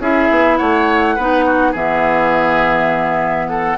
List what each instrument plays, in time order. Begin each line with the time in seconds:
0.00 bassoon C#4, clarinet E4, oboe G#4, flute E5
0.31 bassoon B3
0.58 bassoon A3, oboe C#5, flute F#5
1.16 bassoon B3, clarinet D#4, oboe B4
1.46 oboe F#4
1.72 bassoon E3, clarinet B3, oboe G#4, flute E5
3.49 oboe A4, flute F#5